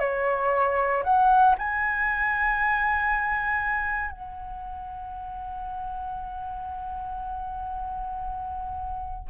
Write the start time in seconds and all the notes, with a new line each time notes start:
0.00 C#5
1.04 F#5
1.59 G#5
4.11 F#5